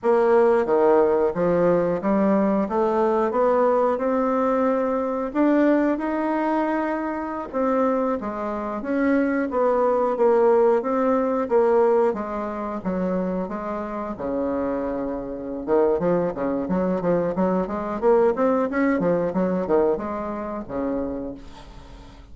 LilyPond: \new Staff \with { instrumentName = "bassoon" } { \time 4/4 \tempo 4 = 90 ais4 dis4 f4 g4 | a4 b4 c'2 | d'4 dis'2~ dis'16 c'8.~ | c'16 gis4 cis'4 b4 ais8.~ |
ais16 c'4 ais4 gis4 fis8.~ | fis16 gis4 cis2~ cis16 dis8 | f8 cis8 fis8 f8 fis8 gis8 ais8 c'8 | cis'8 f8 fis8 dis8 gis4 cis4 | }